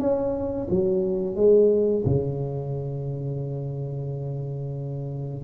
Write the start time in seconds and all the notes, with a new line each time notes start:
0.00 C#4
0.70 F#3
1.36 G#3
2.05 C#3